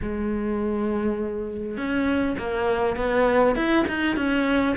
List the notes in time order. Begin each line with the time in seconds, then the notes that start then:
0.02 G#3
1.77 C#4
2.38 A#3
2.96 B3
3.55 E4
3.88 D#4
4.16 C#4